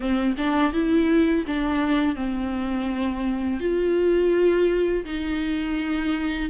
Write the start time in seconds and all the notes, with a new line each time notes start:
0.00 C4
0.37 D4
0.72 E4
1.47 D4
2.15 C4
3.59 F4
5.05 D#4